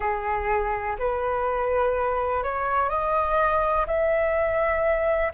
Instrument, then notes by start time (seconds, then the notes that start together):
flute
0.00 G#4
0.99 B4
2.43 C#5
2.89 D#5
3.86 E5